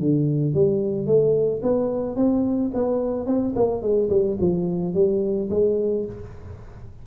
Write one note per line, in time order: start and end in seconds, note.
0.00 0.54 D3
0.54 1.07 G3
1.07 1.62 A3
1.63 2.16 B3
2.16 2.71 C4
2.74 3.27 B3
3.27 3.54 C4
3.56 3.82 A#3
3.82 4.10 G#3
4.10 4.38 G3
4.40 4.94 F3
4.94 5.49 G3
5.50 6.06 G#3